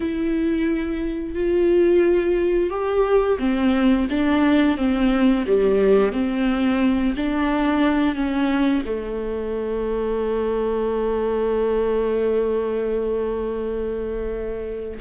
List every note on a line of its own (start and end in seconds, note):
0.00 1.34 E4
1.34 2.69 F4
2.69 3.37 G4
3.38 4.07 C4
4.09 4.77 D4
4.77 5.45 C4
5.46 6.12 G3
6.12 7.14 C4
7.16 8.15 D4
8.15 8.83 C#4
8.85 14.99 A3